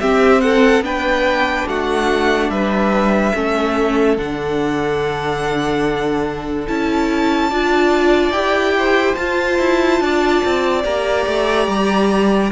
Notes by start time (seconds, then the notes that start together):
0.00 C4 G4 E5
0.41 A4 F#5
0.81 B3 D4 B4 G5
1.68 A3 F#4 F#5
2.50 G3 B4 E5
3.34 A3 C#4 A4
4.17 D3 D4 F#5
6.68 C#4 E4 A5
7.50 D4 F4 D5
8.31 E4 G4 G5
8.78 C5
9.15 F4 A5
9.59 E4
10.01 D4 D5
10.46 C4
10.84 A#3 G4 A#5
11.26 A3
11.68 G3